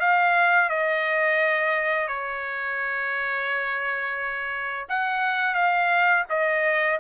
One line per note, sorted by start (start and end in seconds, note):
0.00 0.69 F5
0.69 2.08 D#5
2.08 4.87 C#5
4.89 5.55 F#5
5.55 6.24 F5
6.29 6.99 D#5